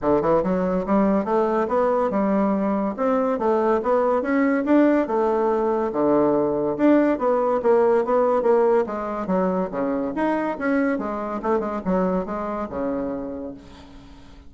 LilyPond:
\new Staff \with { instrumentName = "bassoon" } { \time 4/4 \tempo 4 = 142 d8 e8 fis4 g4 a4 | b4 g2 c'4 | a4 b4 cis'4 d'4 | a2 d2 |
d'4 b4 ais4 b4 | ais4 gis4 fis4 cis4 | dis'4 cis'4 gis4 a8 gis8 | fis4 gis4 cis2 | }